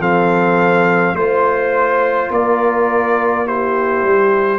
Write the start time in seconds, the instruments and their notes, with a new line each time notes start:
0.00 tuba F3, trombone C4, horn A4, trumpet F5
1.14 tuba A3, trombone F4, trumpet C5, horn C5
2.30 tuba A#3, horn A#4, trumpet D5
3.46 trombone E4, horn G4, trumpet C5
4.03 tuba G3